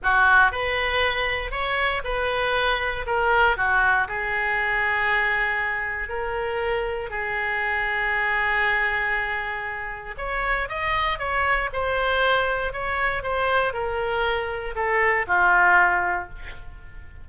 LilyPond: \new Staff \with { instrumentName = "oboe" } { \time 4/4 \tempo 4 = 118 fis'4 b'2 cis''4 | b'2 ais'4 fis'4 | gis'1 | ais'2 gis'2~ |
gis'1 | cis''4 dis''4 cis''4 c''4~ | c''4 cis''4 c''4 ais'4~ | ais'4 a'4 f'2 | }